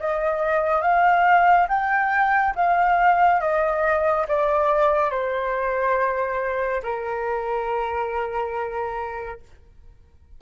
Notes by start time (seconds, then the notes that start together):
0.00 D#5
0.82 F5
1.69 G5
2.56 F5
3.41 D#5
4.29 D5
5.11 C5
6.83 A#4